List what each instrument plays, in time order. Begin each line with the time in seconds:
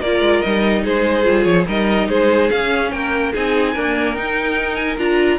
0.00 cello A#3, viola F4, violin A#4 D5
0.20 cello G#3
0.42 cello G3, viola D#4, violin D#5
0.83 cello G#3, violin G#4 C5
1.23 cello G3, viola F4
1.44 cello F3, violin C#5
1.67 cello G3, viola D#4, violin A#4 D#5
2.08 cello G#3, violin G#4 C5
2.50 viola C#4, cello C#4, violin F5
2.91 cello A#3, violin A#4 G5
3.33 cello C4, viola D#4, violin G#4 G#5
3.73 viola A#3, cello D4, violin A#4
4.14 cello D#4, viola D#4, violin G5
4.75 violin G#5
4.98 cello D4, viola F4, violin A#5